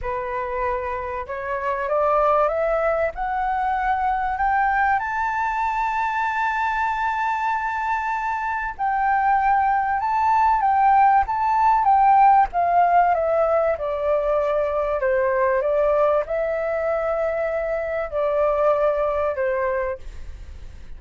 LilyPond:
\new Staff \with { instrumentName = "flute" } { \time 4/4 \tempo 4 = 96 b'2 cis''4 d''4 | e''4 fis''2 g''4 | a''1~ | a''2 g''2 |
a''4 g''4 a''4 g''4 | f''4 e''4 d''2 | c''4 d''4 e''2~ | e''4 d''2 c''4 | }